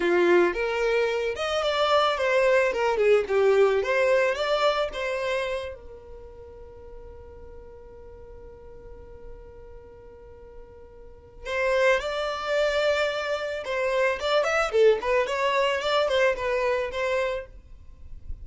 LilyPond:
\new Staff \with { instrumentName = "violin" } { \time 4/4 \tempo 4 = 110 f'4 ais'4. dis''8 d''4 | c''4 ais'8 gis'8 g'4 c''4 | d''4 c''4. ais'4.~ | ais'1~ |
ais'1~ | ais'4 c''4 d''2~ | d''4 c''4 d''8 e''8 a'8 b'8 | cis''4 d''8 c''8 b'4 c''4 | }